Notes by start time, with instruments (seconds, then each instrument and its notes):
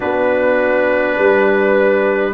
0.00 tuba B3, trombone D4, horn F#4, trumpet B4
1.17 tuba G3, horn B4